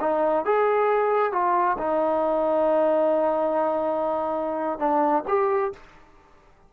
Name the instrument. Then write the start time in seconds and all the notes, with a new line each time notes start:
trombone
0.00 D#4
0.45 G#4
1.32 F4
1.78 D#4
4.79 D4
5.28 G4